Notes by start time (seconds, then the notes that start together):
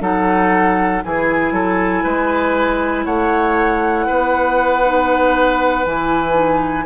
0.00 F#3 D#4 A4 F#5
1.03 E3 E4 G#4 G#5
1.51 F#3 A4
2.03 G#3 B4
3.04 A3 C#5 F#5
4.06 B3 B4
4.85 D#4
5.85 E3 E4 G#5
6.33 D#4